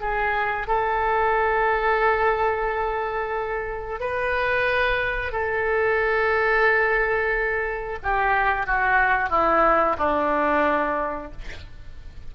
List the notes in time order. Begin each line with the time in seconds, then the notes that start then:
0.00 G#4
0.67 A4
4.00 B4
5.32 A4
8.02 G4
8.66 F#4
9.29 E4
9.98 D4